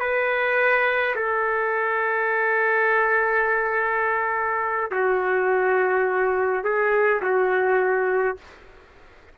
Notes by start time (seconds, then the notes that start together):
0.00 B4
1.16 A4
4.91 F#4
6.64 G#4
7.22 F#4